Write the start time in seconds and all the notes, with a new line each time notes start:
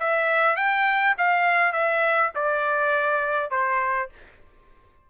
0.00 E5
0.56 G5
1.18 F5
1.73 E5
2.36 D5
3.51 C5